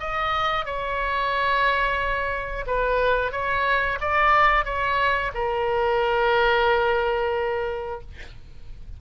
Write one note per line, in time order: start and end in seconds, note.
0.00 0.65 D#5
0.65 2.65 C#5
2.67 3.32 B4
3.32 3.99 C#5
4.01 4.65 D5
4.65 5.32 C#5
5.34 8.01 A#4